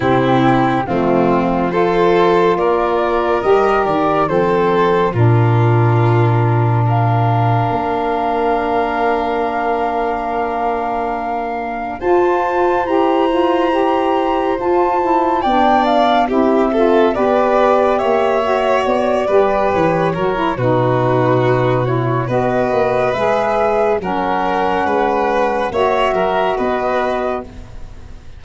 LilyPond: <<
  \new Staff \with { instrumentName = "flute" } { \time 4/4 \tempo 4 = 70 g'4 f'4 c''4 d''4 | dis''8 d''8 c''4 ais'2 | f''1~ | f''2 a''4 ais''4~ |
ais''4 a''4 g''8 f''8 e''4 | d''4 e''4 d''4 cis''4 | b'4. cis''8 dis''4 e''4 | fis''2 e''4 dis''4 | }
  \new Staff \with { instrumentName = "violin" } { \time 4/4 e'4 c'4 a'4 ais'4~ | ais'4 a'4 f'2 | ais'1~ | ais'2 c''2~ |
c''2 d''4 g'8 a'8 | b'4 cis''4. b'4 ais'8 | fis'2 b'2 | ais'4 b'4 cis''8 ais'8 b'4 | }
  \new Staff \with { instrumentName = "saxophone" } { \time 4/4 c'4 a4 f'2 | g'4 c'4 d'2~ | d'1~ | d'2 f'4 g'8 f'8 |
g'4 f'8 e'8 d'4 e'8 f'8 | g'4. fis'4 g'4 fis'16 e'16 | dis'4. e'8 fis'4 gis'4 | cis'2 fis'2 | }
  \new Staff \with { instrumentName = "tuba" } { \time 4/4 c4 f2 ais4 | g8 dis8 f4 ais,2~ | ais,4 ais2.~ | ais2 f'4 e'4~ |
e'4 f'4 b4 c'4 | b4 ais4 b8 g8 e8 fis8 | b,2 b8 ais8 gis4 | fis4 gis4 ais8 fis8 b4 | }
>>